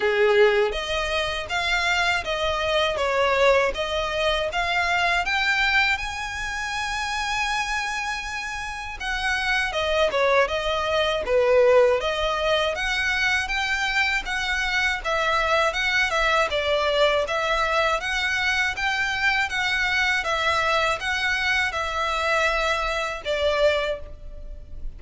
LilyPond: \new Staff \with { instrumentName = "violin" } { \time 4/4 \tempo 4 = 80 gis'4 dis''4 f''4 dis''4 | cis''4 dis''4 f''4 g''4 | gis''1 | fis''4 dis''8 cis''8 dis''4 b'4 |
dis''4 fis''4 g''4 fis''4 | e''4 fis''8 e''8 d''4 e''4 | fis''4 g''4 fis''4 e''4 | fis''4 e''2 d''4 | }